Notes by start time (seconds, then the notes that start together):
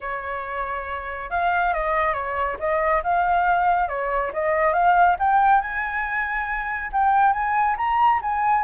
0.01 C#5
1.30 F5
1.73 D#5
2.13 C#5
2.59 D#5
3.03 F5
3.88 C#5
4.33 D#5
4.73 F5
5.19 G5
5.61 G#5
6.92 G5
7.33 G#5
7.77 A#5
8.22 G#5